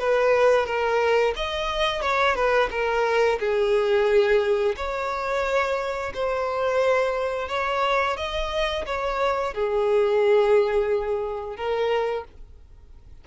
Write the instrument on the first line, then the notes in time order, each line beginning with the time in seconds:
violin
0.00 B4
0.66 A#4
1.36 D#5
2.02 C#5
2.36 B4
2.71 A#4
3.40 G#4
4.76 C#5
6.14 C5
7.49 C#5
8.17 D#5
8.86 C#5
9.54 G#4
11.56 A#4